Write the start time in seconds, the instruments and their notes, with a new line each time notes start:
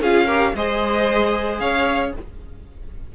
0.00 cello C#4, viola F4, violin G#4 F5
0.26 viola G4, violin A#4
0.54 cello G#3, viola G#4, violin C5 D#5
1.59 cello C#4, violin C#5 F5